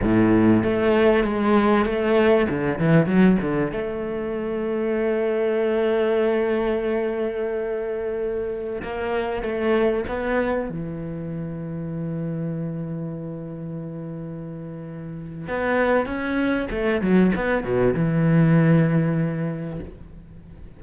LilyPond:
\new Staff \with { instrumentName = "cello" } { \time 4/4 \tempo 4 = 97 a,4 a4 gis4 a4 | d8 e8 fis8 d8 a2~ | a1~ | a2~ a16 ais4 a8.~ |
a16 b4 e2~ e8.~ | e1~ | e4 b4 cis'4 a8 fis8 | b8 b,8 e2. | }